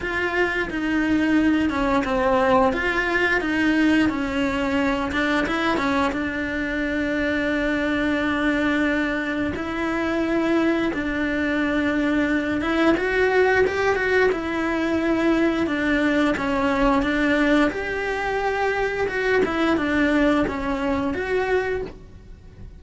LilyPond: \new Staff \with { instrumentName = "cello" } { \time 4/4 \tempo 4 = 88 f'4 dis'4. cis'8 c'4 | f'4 dis'4 cis'4. d'8 | e'8 cis'8 d'2.~ | d'2 e'2 |
d'2~ d'8 e'8 fis'4 | g'8 fis'8 e'2 d'4 | cis'4 d'4 g'2 | fis'8 e'8 d'4 cis'4 fis'4 | }